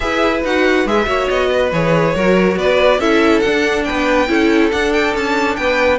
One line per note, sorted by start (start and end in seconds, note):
0.00 0.44 E4
0.00 0.42 G#4
0.00 1.06 B4
0.00 0.41 E5
0.44 0.85 D#4
0.44 0.87 F#4
0.44 0.87 F#5
0.85 1.06 G#3
0.85 1.05 G#4
0.85 1.28 E5
1.05 1.28 A#3
1.05 1.69 F#4
1.05 1.49 C#5
1.28 1.71 B3
1.28 1.71 D#5
1.50 2.15 B4
1.71 2.14 E3
1.71 2.15 G#4
1.71 2.57 C#5
2.15 2.56 F#3
2.15 3.00 F#4
2.15 2.58 A#4
2.56 2.98 B3
2.56 2.99 B4
2.56 3.00 D5
2.98 3.41 C#4
2.98 3.43 E4
2.98 3.85 A4
2.98 3.40 E5
3.40 4.27 D4
3.40 3.88 D4
3.40 3.82 F#5
3.84 4.28 B3
3.84 4.29 B4
3.84 4.70 G5
4.27 4.71 C#4
4.27 4.70 E4
4.27 5.58 A4
4.70 5.98 D4
4.70 5.13 D4
4.70 4.93 F#5
4.93 5.14 G5
5.13 5.56 C#4
5.13 5.56 A5
5.56 5.98 B3
5.56 5.98 B4
5.56 5.98 G5